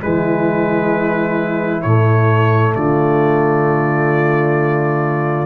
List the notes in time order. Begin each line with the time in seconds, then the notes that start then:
0.00 E3 G#3 E4 B4
1.82 A2 A3 C#5
2.74 D3 F4 D5